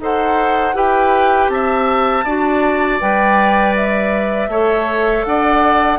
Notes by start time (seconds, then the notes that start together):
0.00 D#4 A4 C5 F#5
0.75 E4 G4 B4 G5
1.49 C4 E5 A5
2.25 D4 F#4 D5
3.00 G3 B4 G5
3.76 E5
4.49 A3 A4 C#5
5.25 D4 D5 F#5